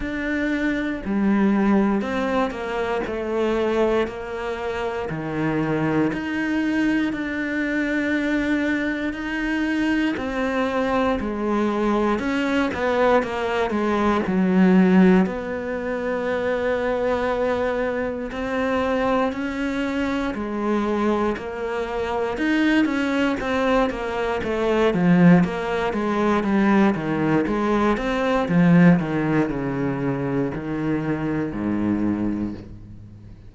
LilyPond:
\new Staff \with { instrumentName = "cello" } { \time 4/4 \tempo 4 = 59 d'4 g4 c'8 ais8 a4 | ais4 dis4 dis'4 d'4~ | d'4 dis'4 c'4 gis4 | cis'8 b8 ais8 gis8 fis4 b4~ |
b2 c'4 cis'4 | gis4 ais4 dis'8 cis'8 c'8 ais8 | a8 f8 ais8 gis8 g8 dis8 gis8 c'8 | f8 dis8 cis4 dis4 gis,4 | }